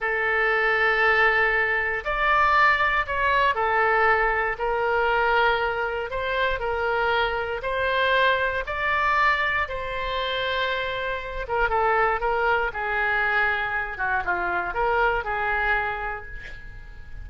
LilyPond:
\new Staff \with { instrumentName = "oboe" } { \time 4/4 \tempo 4 = 118 a'1 | d''2 cis''4 a'4~ | a'4 ais'2. | c''4 ais'2 c''4~ |
c''4 d''2 c''4~ | c''2~ c''8 ais'8 a'4 | ais'4 gis'2~ gis'8 fis'8 | f'4 ais'4 gis'2 | }